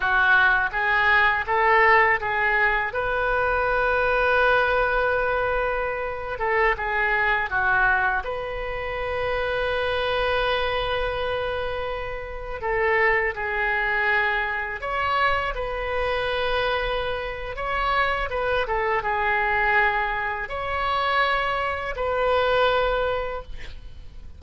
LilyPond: \new Staff \with { instrumentName = "oboe" } { \time 4/4 \tempo 4 = 82 fis'4 gis'4 a'4 gis'4 | b'1~ | b'8. a'8 gis'4 fis'4 b'8.~ | b'1~ |
b'4~ b'16 a'4 gis'4.~ gis'16~ | gis'16 cis''4 b'2~ b'8. | cis''4 b'8 a'8 gis'2 | cis''2 b'2 | }